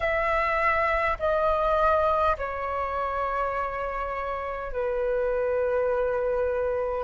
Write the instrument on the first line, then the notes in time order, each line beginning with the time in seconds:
flute
0.00 E5
1.19 D#5
2.37 C#5
4.72 B4